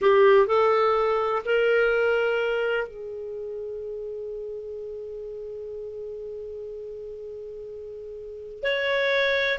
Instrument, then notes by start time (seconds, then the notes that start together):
clarinet
0.01 G4
0.46 A4
1.45 A#4
2.87 G#4
8.62 C#5